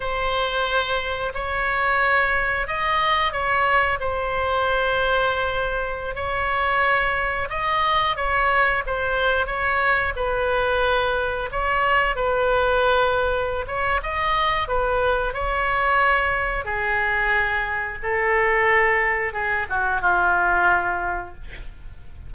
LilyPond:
\new Staff \with { instrumentName = "oboe" } { \time 4/4 \tempo 4 = 90 c''2 cis''2 | dis''4 cis''4 c''2~ | c''4~ c''16 cis''2 dis''8.~ | dis''16 cis''4 c''4 cis''4 b'8.~ |
b'4~ b'16 cis''4 b'4.~ b'16~ | b'8 cis''8 dis''4 b'4 cis''4~ | cis''4 gis'2 a'4~ | a'4 gis'8 fis'8 f'2 | }